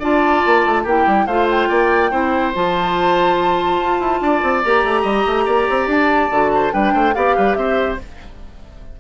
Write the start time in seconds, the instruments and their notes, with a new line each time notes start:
0.00 bassoon D4, clarinet F4, oboe D5, flute A5
0.46 bassoon A#3
0.66 bassoon A3
0.83 bassoon A#3, clarinet E4, oboe G4, flute G5
1.06 bassoon G3
1.27 bassoon A3, clarinet F4, oboe C5, flute F5
1.50 flute G5
1.69 bassoon A#3, oboe D5
2.11 bassoon C4, clarinet E4, oboe C5
2.55 bassoon F3, clarinet F4, flute A5
3.80 bassoon F4
4.00 bassoon E4
4.21 bassoon D4, oboe D5
4.43 bassoon C4
4.64 bassoon A#3, clarinet G4, flute A#5
4.84 bassoon A3
5.02 bassoon G3, oboe D#5
5.26 bassoon A3
5.46 bassoon A#3, oboe D5
5.70 bassoon C4
5.87 bassoon D4, flute A5
6.31 bassoon D3, clarinet F#4
6.55 oboe C5
6.71 bassoon G3, clarinet D4, oboe B4, flute G5
6.94 bassoon A3, oboe C5
7.14 bassoon B3, clarinet G4, oboe D5, flute F5
7.36 bassoon G3, oboe B4
7.55 bassoon C4, oboe C5, flute E5